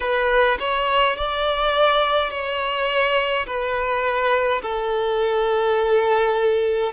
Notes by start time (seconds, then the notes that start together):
0.00 B4
0.59 C#5
1.16 D5
2.30 C#5
3.46 B4
4.62 A4